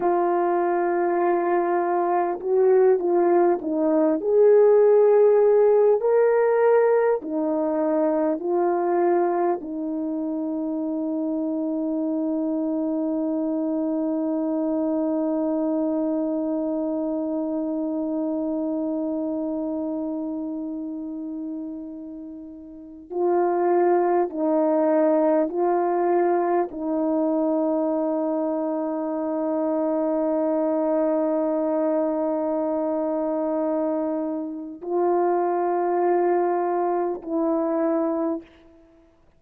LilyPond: \new Staff \with { instrumentName = "horn" } { \time 4/4 \tempo 4 = 50 f'2 fis'8 f'8 dis'8 gis'8~ | gis'4 ais'4 dis'4 f'4 | dis'1~ | dis'1~ |
dis'2.~ dis'16 f'8.~ | f'16 dis'4 f'4 dis'4.~ dis'16~ | dis'1~ | dis'4 f'2 e'4 | }